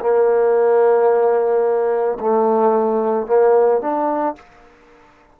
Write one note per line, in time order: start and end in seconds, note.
0.00 2.18 A#3
2.20 3.27 A3
3.27 3.81 A#3
3.81 4.35 D4